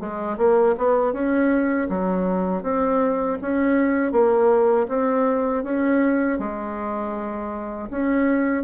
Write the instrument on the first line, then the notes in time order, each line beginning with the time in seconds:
bassoon
0.00 G#3
0.38 A#3
0.78 B3
1.13 C#4
1.89 F#3
2.63 C4
3.42 C#4
4.12 A#3
4.89 C4
5.64 C#4
6.39 G#3
7.91 C#4